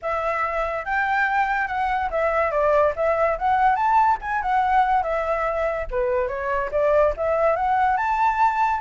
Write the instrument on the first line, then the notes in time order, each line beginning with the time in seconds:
flute
0.02 E5
0.85 G5
1.67 F#5
2.10 E5
2.51 D5
2.96 E5
3.38 F#5
3.75 A5
4.21 G#5
4.42 F#5
5.02 E5
5.90 B4
6.28 C#5
6.71 D5
7.16 E5
7.55 F#5
7.96 A5